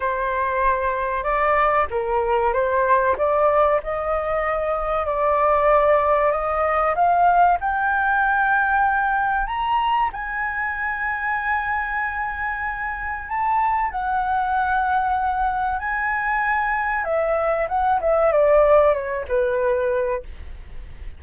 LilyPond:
\new Staff \with { instrumentName = "flute" } { \time 4/4 \tempo 4 = 95 c''2 d''4 ais'4 | c''4 d''4 dis''2 | d''2 dis''4 f''4 | g''2. ais''4 |
gis''1~ | gis''4 a''4 fis''2~ | fis''4 gis''2 e''4 | fis''8 e''8 d''4 cis''8 b'4. | }